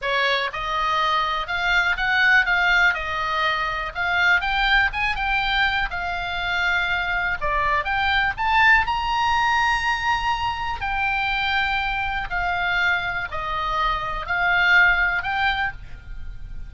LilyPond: \new Staff \with { instrumentName = "oboe" } { \time 4/4 \tempo 4 = 122 cis''4 dis''2 f''4 | fis''4 f''4 dis''2 | f''4 g''4 gis''8 g''4. | f''2. d''4 |
g''4 a''4 ais''2~ | ais''2 g''2~ | g''4 f''2 dis''4~ | dis''4 f''2 g''4 | }